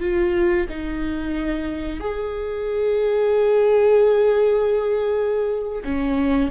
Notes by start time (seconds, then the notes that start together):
0.00 F4
0.69 D#4
2.00 G#4
5.84 C#4